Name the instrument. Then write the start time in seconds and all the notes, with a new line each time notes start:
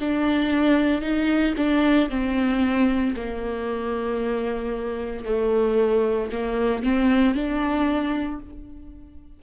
viola
0.00 D4
1.01 D#4
1.56 D4
2.10 C4
3.16 A#3
5.25 A3
6.32 A#3
6.83 C4
7.34 D4